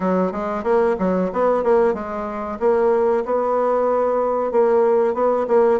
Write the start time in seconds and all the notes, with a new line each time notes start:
0.00 F#3
0.32 G#3
0.63 A#3
0.99 F#3
1.33 B3
1.63 A#3
1.94 G#3
2.59 A#3
3.25 B3
4.51 A#3
5.14 B3
5.47 A#3